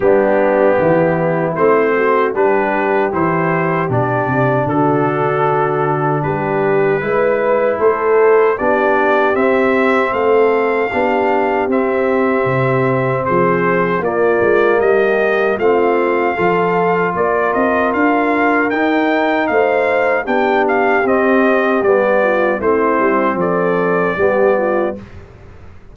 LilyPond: <<
  \new Staff \with { instrumentName = "trumpet" } { \time 4/4 \tempo 4 = 77 g'2 c''4 b'4 | c''4 d''4 a'2 | b'2 c''4 d''4 | e''4 f''2 e''4~ |
e''4 c''4 d''4 dis''4 | f''2 d''8 dis''8 f''4 | g''4 f''4 g''8 f''8 dis''4 | d''4 c''4 d''2 | }
  \new Staff \with { instrumentName = "horn" } { \time 4/4 d'4 e'4. fis'8 g'4~ | g'2 fis'2 | g'4 b'4 a'4 g'4~ | g'4 a'4 g'2~ |
g'4 gis'4 f'4 g'4 | f'4 a'4 ais'2~ | ais'4 c''4 g'2~ | g'8 f'8 e'4 a'4 g'8 f'8 | }
  \new Staff \with { instrumentName = "trombone" } { \time 4/4 b2 c'4 d'4 | e'4 d'2.~ | d'4 e'2 d'4 | c'2 d'4 c'4~ |
c'2 ais2 | c'4 f'2. | dis'2 d'4 c'4 | b4 c'2 b4 | }
  \new Staff \with { instrumentName = "tuba" } { \time 4/4 g4 e4 a4 g4 | e4 b,8 c8 d2 | g4 gis4 a4 b4 | c'4 a4 b4 c'4 |
c4 f4 ais8 gis8 g4 | a4 f4 ais8 c'8 d'4 | dis'4 a4 b4 c'4 | g4 a8 g8 f4 g4 | }
>>